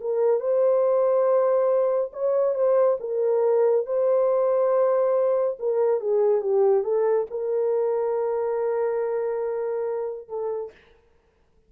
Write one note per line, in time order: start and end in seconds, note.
0.00 0.40 A#4
0.40 2.11 C5
2.12 2.54 C#5
2.54 2.98 C5
3.00 3.86 A#4
3.86 5.57 C5
5.59 6.00 A#4
6.00 6.41 G#4
6.41 6.83 G4
6.83 7.26 A4
7.31 10.28 A#4
10.28 10.71 A4